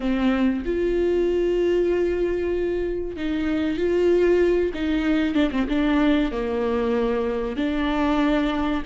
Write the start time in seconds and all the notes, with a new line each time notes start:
0.00 C4
0.65 F4
3.16 D#4
3.77 F4
4.74 D#4
5.34 D4
5.51 C4
5.68 D4
6.31 A#3
7.56 D4